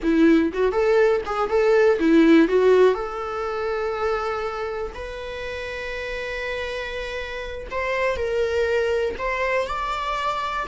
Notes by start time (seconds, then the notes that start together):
0.02 E4
0.53 F#4
0.72 A4
1.25 G#4
1.49 A4
1.99 E4
2.48 F#4
2.94 A4
4.94 B4
7.70 C5
8.16 A#4
9.18 C5
9.67 D5